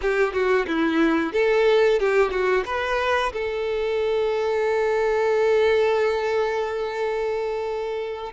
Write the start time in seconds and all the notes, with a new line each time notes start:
0.01 G4
0.33 F#4
0.67 E4
1.32 A4
1.99 G4
2.30 F#4
2.65 B4
3.32 A4